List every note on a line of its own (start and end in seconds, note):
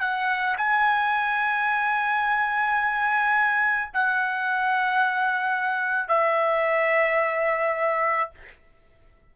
0.00 0.56 F#5
0.57 3.90 G#5
3.93 6.08 F#5
6.08 8.30 E5